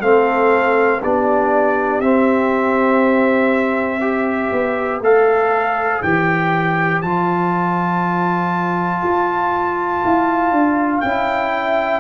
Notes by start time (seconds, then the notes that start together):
0.00 A3 C4 A4 F5
1.03 B3 D4 G4 D5
2.00 C4 E5
4.01 G4 C5
4.52 B3
5.00 A3 A4 F5
6.02 E3 G4 G5
7.01 F3 F4 A5
9.03 F4
10.03 E4 F5
10.52 D4
11.00 C#4 E4 G5
11.54 E5